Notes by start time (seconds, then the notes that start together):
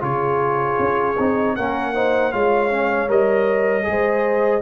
0.00 C#3 F4 G#4 C#5
0.79 C#4
1.19 C4 D#4
1.56 A#3 C#4 A#4 F#5
1.94 D#4 C5
2.32 G#3 F4 C#5 F5
2.71 C#4
3.08 G3 A#4 D#5
3.83 G#3 G#4
3.91 C5